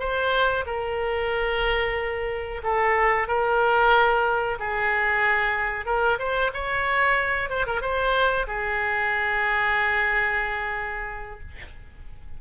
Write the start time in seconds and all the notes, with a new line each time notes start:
0.00 C5
0.66 A#4
2.64 A4
3.28 A#4
4.59 G#4
5.86 A#4
6.19 C5
6.54 C#5
7.50 C5
7.67 A#4
7.81 C5
8.47 G#4